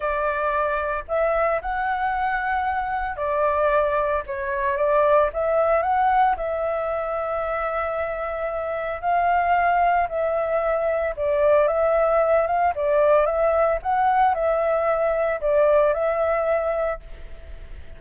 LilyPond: \new Staff \with { instrumentName = "flute" } { \time 4/4 \tempo 4 = 113 d''2 e''4 fis''4~ | fis''2 d''2 | cis''4 d''4 e''4 fis''4 | e''1~ |
e''4 f''2 e''4~ | e''4 d''4 e''4. f''8 | d''4 e''4 fis''4 e''4~ | e''4 d''4 e''2 | }